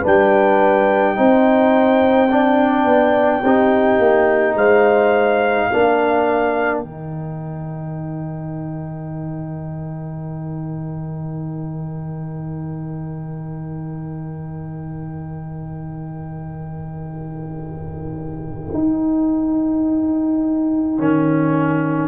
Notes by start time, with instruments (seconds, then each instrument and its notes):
0.00 tuba G3, trombone D4, horn B4
0.07 trumpet G5
1.16 tuba C4, trombone D#4, horn C5
2.30 trombone D4, horn D5
2.85 tuba B3
3.42 tuba C4, trombone D#4, horn G4
3.99 tuba A#3
4.55 tuba G#3, horn C5, trumpet F5
5.69 tuba A#3, trombone D4, horn A#4
6.78 tuba D#3, trumpet G5
6.84 trombone D#4
18.74 tuba D#4
20.98 tuba D#3, trombone C#4